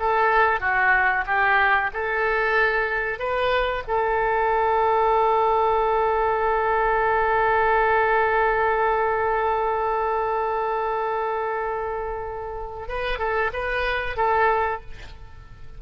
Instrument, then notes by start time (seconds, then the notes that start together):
oboe
0.00 A4
0.60 F#4
1.26 G4
1.94 A4
3.19 B4
3.88 A4
12.89 B4
13.19 A4
13.54 B4
14.17 A4